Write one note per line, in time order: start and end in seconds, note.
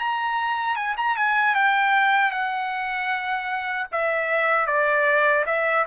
0.00 0.76 A#5
0.76 0.96 G#5
0.97 1.17 A#5
1.17 1.55 G#5
1.55 2.32 G5
2.32 3.87 F#5
3.92 4.67 E5
4.67 5.45 D5
5.47 5.85 E5